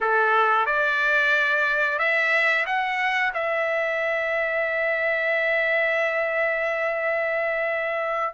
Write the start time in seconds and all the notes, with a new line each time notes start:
0.01 A4
0.65 D5
1.98 E5
2.66 F#5
3.34 E5